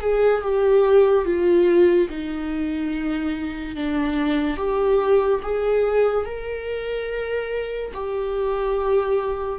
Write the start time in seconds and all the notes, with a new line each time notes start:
0.00 G#4
0.42 G4
1.25 F4
2.09 D#4
3.76 D4
4.57 G4
5.42 G#4
6.25 A#4
7.94 G4